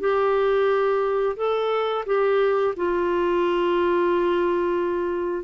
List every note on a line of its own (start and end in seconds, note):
0.00 1.36 G4
1.37 2.05 A4
2.06 2.75 G4
2.76 5.44 F4